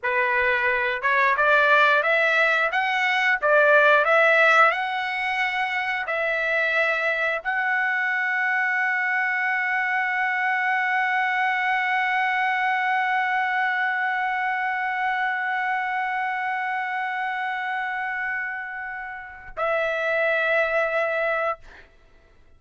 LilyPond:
\new Staff \with { instrumentName = "trumpet" } { \time 4/4 \tempo 4 = 89 b'4. cis''8 d''4 e''4 | fis''4 d''4 e''4 fis''4~ | fis''4 e''2 fis''4~ | fis''1~ |
fis''1~ | fis''1~ | fis''1~ | fis''4 e''2. | }